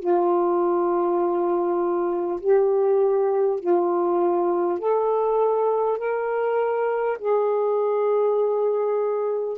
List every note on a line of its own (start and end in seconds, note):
0.00 2.40 F4
2.40 3.59 G4
3.59 4.79 F4
4.79 5.98 A4
5.98 7.18 A#4
7.19 9.58 G#4